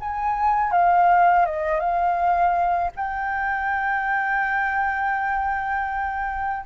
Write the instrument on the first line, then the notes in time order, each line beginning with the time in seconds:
flute
0.00 G#5
0.71 F5
1.45 D#5
1.80 F5
2.96 G5